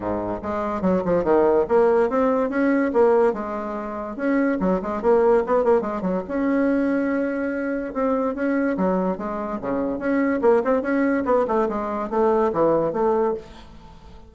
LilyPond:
\new Staff \with { instrumentName = "bassoon" } { \time 4/4 \tempo 4 = 144 gis,4 gis4 fis8 f8 dis4 | ais4 c'4 cis'4 ais4 | gis2 cis'4 fis8 gis8 | ais4 b8 ais8 gis8 fis8 cis'4~ |
cis'2. c'4 | cis'4 fis4 gis4 cis4 | cis'4 ais8 c'8 cis'4 b8 a8 | gis4 a4 e4 a4 | }